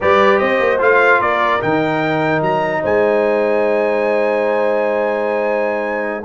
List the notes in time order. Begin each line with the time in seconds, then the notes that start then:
0.00 G3 G4 B4 D5
0.38 C4 C5 D#5
0.59 A#3
0.79 A3 F4 F5
1.19 A#3 A#4 D5
1.59 D#3 D#4 G5
2.41 F#3 A#5
2.81 G#3 C5 G#5